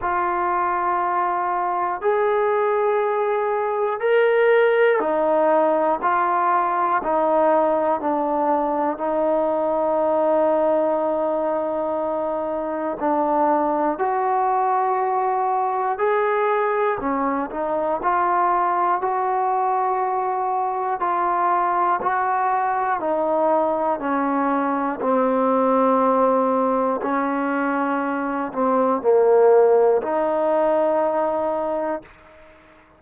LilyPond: \new Staff \with { instrumentName = "trombone" } { \time 4/4 \tempo 4 = 60 f'2 gis'2 | ais'4 dis'4 f'4 dis'4 | d'4 dis'2.~ | dis'4 d'4 fis'2 |
gis'4 cis'8 dis'8 f'4 fis'4~ | fis'4 f'4 fis'4 dis'4 | cis'4 c'2 cis'4~ | cis'8 c'8 ais4 dis'2 | }